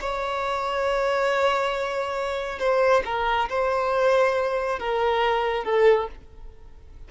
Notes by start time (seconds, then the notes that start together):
0.00 C#5
2.59 C5
3.05 A#4
3.49 C5
4.79 A#4
5.64 A4